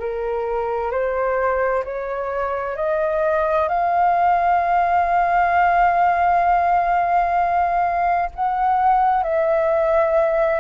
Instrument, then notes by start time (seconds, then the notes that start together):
flute
0.00 A#4
0.91 C5
1.85 C#5
2.76 D#5
3.69 F5
8.36 F#5
9.23 E5